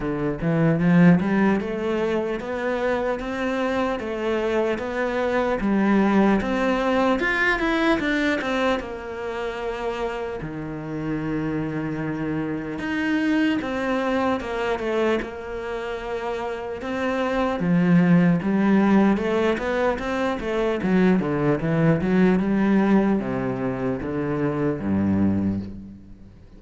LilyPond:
\new Staff \with { instrumentName = "cello" } { \time 4/4 \tempo 4 = 75 d8 e8 f8 g8 a4 b4 | c'4 a4 b4 g4 | c'4 f'8 e'8 d'8 c'8 ais4~ | ais4 dis2. |
dis'4 c'4 ais8 a8 ais4~ | ais4 c'4 f4 g4 | a8 b8 c'8 a8 fis8 d8 e8 fis8 | g4 c4 d4 g,4 | }